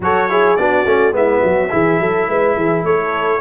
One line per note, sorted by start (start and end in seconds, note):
0.00 0.56 F#3
0.00 0.29 F#4
0.00 0.30 A4
0.00 0.56 C#5
0.29 0.57 E4
0.29 0.58 G#4
0.56 0.84 B3
0.56 0.86 D4
0.56 1.16 F#4
0.56 1.13 D5
0.84 1.11 A3
0.84 1.11 C#4
1.11 1.40 G#3
1.11 1.69 B3
1.11 1.44 E4
1.11 2.85 E5
1.43 1.71 F#3
1.43 1.71 F#4
1.70 1.99 E3
1.70 3.40 E4
1.70 2.00 G#4
1.99 2.27 F#3
1.99 2.28 A4
2.27 2.56 G#3
2.27 2.56 B4
2.56 2.83 E3
2.56 2.84 G#4
2.83 3.40 A3
2.83 3.40 A4
2.83 3.40 C#5